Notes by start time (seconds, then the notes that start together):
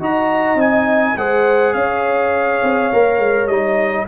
0.00 D#4 F#4 D#5 A#5
0.55 C4 D#4 G#5
1.17 G#3 G#4 C5 F#5
1.74 C#4 C#5 F5
2.63 C4
2.93 A#3 A#4
3.19 G#3
3.47 G3 D#4 D#5